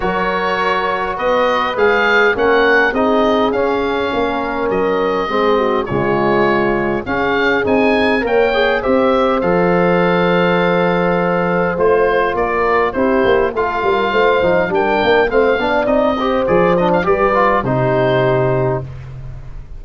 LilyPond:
<<
  \new Staff \with { instrumentName = "oboe" } { \time 4/4 \tempo 4 = 102 cis''2 dis''4 f''4 | fis''4 dis''4 f''2 | dis''2 cis''2 | f''4 gis''4 g''4 e''4 |
f''1 | c''4 d''4 c''4 f''4~ | f''4 g''4 f''4 dis''4 | d''8 dis''16 f''16 d''4 c''2 | }
  \new Staff \with { instrumentName = "horn" } { \time 4/4 ais'2 b'2 | ais'4 gis'2 ais'4~ | ais'4 gis'8 fis'8 f'2 | gis'2 cis''4 c''4~ |
c''1~ | c''4 ais'4 g'4 a'8 ais'8 | c''4 ais'4 c''8 d''4 c''8~ | c''4 b'4 g'2 | }
  \new Staff \with { instrumentName = "trombone" } { \time 4/4 fis'2. gis'4 | cis'4 dis'4 cis'2~ | cis'4 c'4 gis2 | cis'4 dis'4 ais'8 gis'8 g'4 |
a'1 | f'2 e'4 f'4~ | f'8 dis'8 d'4 c'8 d'8 dis'8 g'8 | gis'8 d'8 g'8 f'8 dis'2 | }
  \new Staff \with { instrumentName = "tuba" } { \time 4/4 fis2 b4 gis4 | ais4 c'4 cis'4 ais4 | fis4 gis4 cis2 | cis'4 c'4 ais4 c'4 |
f1 | a4 ais4 c'8 ais8 a8 g8 | a8 f8 g8 ais8 a8 b8 c'4 | f4 g4 c2 | }
>>